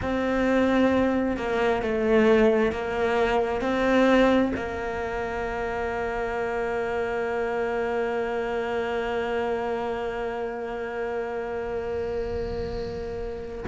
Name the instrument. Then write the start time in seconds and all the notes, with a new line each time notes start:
cello
0.02 C4
1.36 A#3
1.82 A3
2.71 A#3
3.61 C4
4.55 A#3